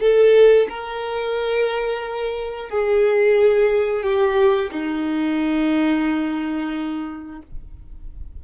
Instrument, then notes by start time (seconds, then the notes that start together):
violin
0.00 A4
0.69 A#4
2.70 G#4
4.03 G4
4.72 D#4